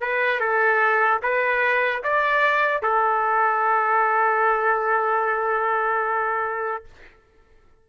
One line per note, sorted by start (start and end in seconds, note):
0.00 0.40 B4
0.40 1.20 A4
1.22 2.03 B4
2.03 2.82 D5
2.82 6.85 A4